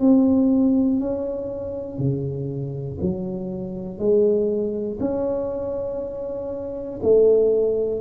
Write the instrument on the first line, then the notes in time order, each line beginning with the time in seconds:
tuba
0.00 C4
1.00 C#4
1.99 C#3
3.01 F#3
3.99 G#3
5.01 C#4
7.03 A3